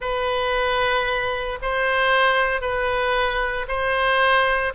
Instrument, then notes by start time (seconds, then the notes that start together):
oboe
0.00 B4
1.62 C5
2.61 B4
3.68 C5